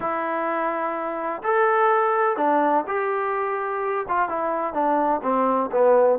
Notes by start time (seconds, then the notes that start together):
0.00 E4
1.43 A4
2.37 D4
2.87 G4
4.08 F4
4.28 E4
4.73 D4
5.22 C4
5.71 B3